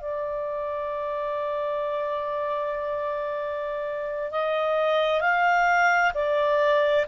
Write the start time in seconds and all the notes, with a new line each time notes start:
0.00 D5
4.31 D#5
5.21 F5
6.14 D5